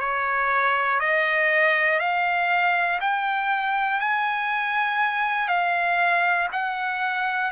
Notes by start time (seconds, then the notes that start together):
0.00 C#5
1.00 D#5
2.00 F5
3.01 G5
4.00 G#5
5.49 F5
6.52 F#5